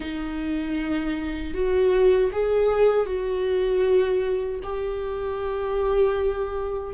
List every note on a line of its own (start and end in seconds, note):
0.00 1.53 D#4
1.53 2.30 F#4
2.32 3.06 G#4
3.06 4.60 F#4
4.63 6.93 G4